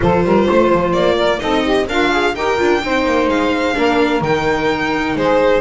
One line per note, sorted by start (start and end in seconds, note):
0.00 0.24 F3
0.00 1.38 F4
0.00 0.25 A4
0.00 0.92 C5
0.24 0.47 G3
0.24 0.46 A#4
0.46 0.72 A3
0.46 1.17 C5
0.72 0.93 F3
0.92 1.40 A#3
0.92 1.39 D5
1.17 1.40 A#4
1.38 1.88 C4
1.38 1.85 D#4
1.38 1.64 A4
1.38 1.86 D#5
1.64 1.87 G4
1.88 2.35 D4
1.88 2.35 F4
1.88 2.11 A#4
1.88 2.35 F5
2.12 2.35 G#4
2.35 2.59 D#4
2.35 2.57 G4
2.35 2.83 A#4
2.35 3.28 G5
2.57 2.83 D4
2.57 2.81 F4
2.83 3.05 C4
2.83 3.74 D#4
2.83 3.76 C5
3.05 3.27 A#3
3.27 3.74 G#3
3.27 4.22 F5
3.74 4.21 A#3
3.74 4.21 D4
3.74 5.17 A#4
4.21 5.15 D#3
4.21 5.61 D#4
4.21 5.16 G5
5.15 5.61 G#3
5.15 5.61 G#4
5.15 5.61 C5